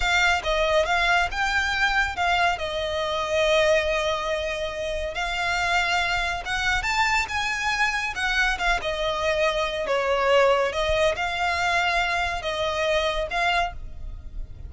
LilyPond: \new Staff \with { instrumentName = "violin" } { \time 4/4 \tempo 4 = 140 f''4 dis''4 f''4 g''4~ | g''4 f''4 dis''2~ | dis''1 | f''2. fis''4 |
a''4 gis''2 fis''4 | f''8 dis''2~ dis''8 cis''4~ | cis''4 dis''4 f''2~ | f''4 dis''2 f''4 | }